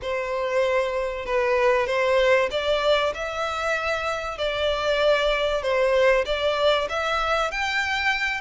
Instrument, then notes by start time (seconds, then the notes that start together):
violin
0.02 C5
1.25 B4
1.86 C5
2.50 D5
3.14 E5
4.38 D5
5.62 C5
6.25 D5
6.89 E5
7.51 G5